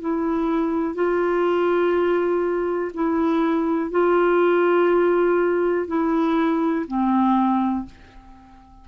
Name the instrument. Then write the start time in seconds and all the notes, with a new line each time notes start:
clarinet
0.00 E4
0.94 F4
2.94 E4
3.90 F4
5.87 E4
6.87 C4